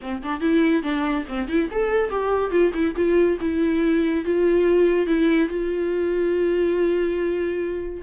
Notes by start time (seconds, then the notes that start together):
0.01 C4
0.22 D4
0.40 E4
0.82 D4
1.28 C4
1.48 E4
1.71 A4
2.10 G4
2.50 F4
2.74 E4
2.95 F4
3.40 E4
4.24 F4
5.06 E4
5.48 F4